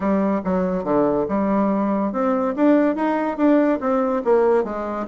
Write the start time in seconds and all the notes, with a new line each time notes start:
0.00 G3
0.44 F#3
0.83 D3
1.28 G3
2.12 C4
2.56 D4
2.95 D#4
3.37 D4
3.80 C4
4.24 A#3
4.64 G#3